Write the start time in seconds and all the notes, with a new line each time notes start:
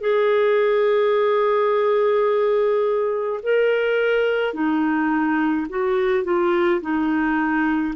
0.00 G#4
3.43 A#4
4.53 D#4
5.69 F#4
6.24 F4
6.81 D#4